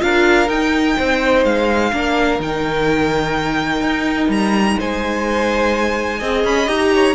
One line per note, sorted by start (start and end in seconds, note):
0.00 0.48 D4
0.00 0.48 F4
0.00 0.98 A#4
0.00 0.49 F5
0.48 0.96 D#4
0.48 1.93 D#4
0.48 1.44 G5
0.98 1.45 C4
0.98 1.92 C5
1.45 1.92 G#3
1.45 2.41 F5
1.92 2.39 A#3
1.92 2.40 D4
1.92 4.78 A#4
2.39 3.81 D#3
2.39 6.21 D#4
2.39 4.31 G5
3.81 4.29 D#4
4.29 4.76 G3
4.29 4.79 A#5
4.78 6.22 G#3
4.78 6.20 C5
4.78 6.46 G#5
6.20 6.44 C4
6.20 6.67 G#4
6.20 6.91 D#5
6.44 6.68 C#4
6.44 6.68 B5
6.67 7.16 D#4
6.67 7.15 G4
6.67 7.16 A#5
6.95 7.16 C#5